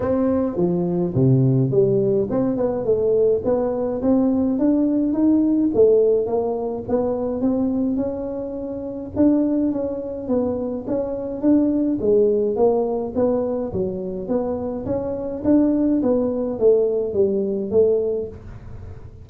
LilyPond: \new Staff \with { instrumentName = "tuba" } { \time 4/4 \tempo 4 = 105 c'4 f4 c4 g4 | c'8 b8 a4 b4 c'4 | d'4 dis'4 a4 ais4 | b4 c'4 cis'2 |
d'4 cis'4 b4 cis'4 | d'4 gis4 ais4 b4 | fis4 b4 cis'4 d'4 | b4 a4 g4 a4 | }